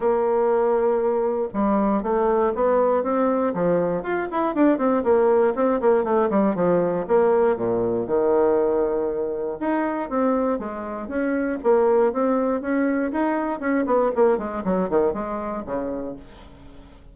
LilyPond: \new Staff \with { instrumentName = "bassoon" } { \time 4/4 \tempo 4 = 119 ais2. g4 | a4 b4 c'4 f4 | f'8 e'8 d'8 c'8 ais4 c'8 ais8 | a8 g8 f4 ais4 ais,4 |
dis2. dis'4 | c'4 gis4 cis'4 ais4 | c'4 cis'4 dis'4 cis'8 b8 | ais8 gis8 fis8 dis8 gis4 cis4 | }